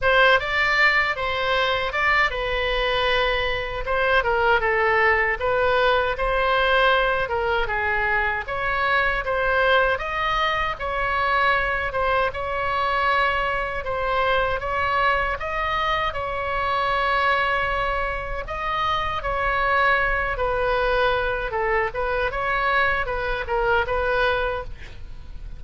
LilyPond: \new Staff \with { instrumentName = "oboe" } { \time 4/4 \tempo 4 = 78 c''8 d''4 c''4 d''8 b'4~ | b'4 c''8 ais'8 a'4 b'4 | c''4. ais'8 gis'4 cis''4 | c''4 dis''4 cis''4. c''8 |
cis''2 c''4 cis''4 | dis''4 cis''2. | dis''4 cis''4. b'4. | a'8 b'8 cis''4 b'8 ais'8 b'4 | }